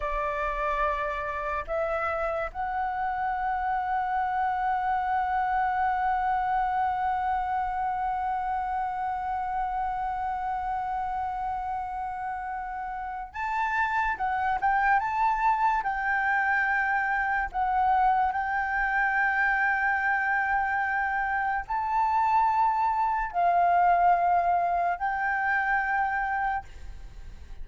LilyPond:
\new Staff \with { instrumentName = "flute" } { \time 4/4 \tempo 4 = 72 d''2 e''4 fis''4~ | fis''1~ | fis''1~ | fis''1 |
a''4 fis''8 g''8 a''4 g''4~ | g''4 fis''4 g''2~ | g''2 a''2 | f''2 g''2 | }